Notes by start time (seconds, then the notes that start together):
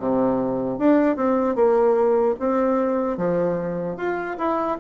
0.00 C3
0.79 D4
1.16 C4
1.56 A#3
2.40 C4
3.18 F3
3.97 F4
4.38 E4